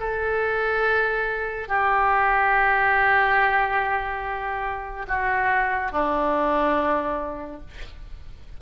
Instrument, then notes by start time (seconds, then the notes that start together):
oboe
0.00 A4
1.68 G4
5.08 F#4
5.92 D4